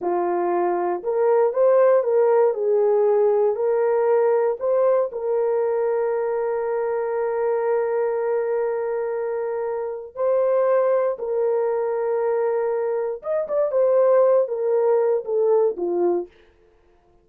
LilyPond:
\new Staff \with { instrumentName = "horn" } { \time 4/4 \tempo 4 = 118 f'2 ais'4 c''4 | ais'4 gis'2 ais'4~ | ais'4 c''4 ais'2~ | ais'1~ |
ais'1 | c''2 ais'2~ | ais'2 dis''8 d''8 c''4~ | c''8 ais'4. a'4 f'4 | }